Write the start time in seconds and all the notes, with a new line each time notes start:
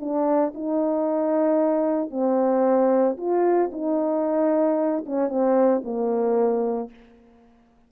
0.00 D4
0.54 D#4
2.10 C4
3.17 F4
3.72 D#4
5.06 C#4
5.29 C4
5.84 A#3